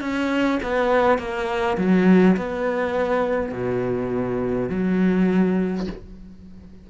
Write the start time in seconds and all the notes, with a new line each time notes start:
0.00 C#4
0.63 B3
1.18 A#3
1.77 F#3
2.36 B3
3.51 B2
4.69 F#3